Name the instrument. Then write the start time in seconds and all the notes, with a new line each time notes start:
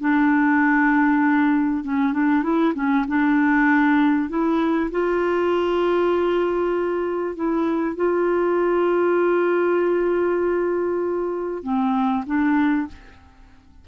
clarinet
0.00 D4
1.83 C#4
2.13 D4
2.42 E4
2.74 C#4
3.08 D4
4.29 E4
4.91 F4
7.35 E4
7.95 F4
11.62 C4
12.26 D4